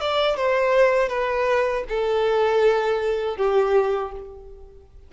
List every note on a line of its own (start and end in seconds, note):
0.00 0.36 D5
0.36 1.08 C5
1.08 1.83 B4
1.89 3.37 A4
3.37 4.12 G4